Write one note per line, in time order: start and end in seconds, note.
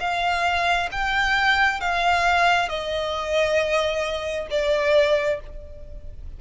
0.00 0.90 F5
0.92 1.80 G5
1.80 2.69 F5
2.69 4.48 D#5
4.51 5.40 D5